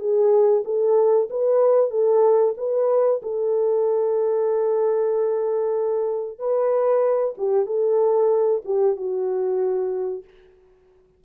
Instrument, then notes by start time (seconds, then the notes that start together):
horn
0.00 G#4
0.65 A4
1.30 B4
1.91 A4
2.58 B4
3.23 A4
6.39 B4
7.38 G4
7.67 A4
8.65 G4
8.97 F#4